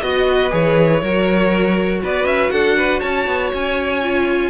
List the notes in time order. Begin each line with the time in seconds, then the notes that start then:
0.00 B3 F#4 D#5
0.28 B4
0.50 E3 G#4 C#5
1.01 F#3 F#4 A#4
2.03 B3 B4 D5
2.25 C#4 E5
2.50 D4 A4 F#5
2.77 B4
3.00 C#4 C#5 A5
3.27 B3
3.53 C#4 G#5
4.03 F4